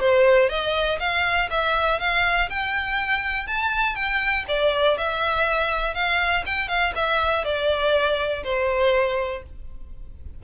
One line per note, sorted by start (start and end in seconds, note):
0.00 0.49 C5
0.49 0.99 D#5
0.99 1.49 F5
1.50 1.99 E5
1.99 2.49 F5
2.50 3.47 G5
3.47 3.95 A5
3.95 4.45 G5
4.48 4.97 D5
4.98 5.94 E5
5.94 6.44 F5
6.46 6.68 G5
6.68 6.93 F5
6.95 7.44 E5
7.44 8.43 D5
8.44 9.43 C5